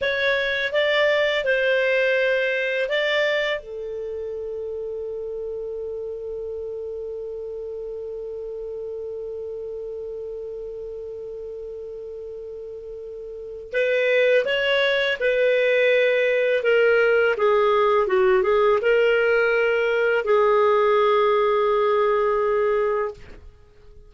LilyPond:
\new Staff \with { instrumentName = "clarinet" } { \time 4/4 \tempo 4 = 83 cis''4 d''4 c''2 | d''4 a'2.~ | a'1~ | a'1~ |
a'2. b'4 | cis''4 b'2 ais'4 | gis'4 fis'8 gis'8 ais'2 | gis'1 | }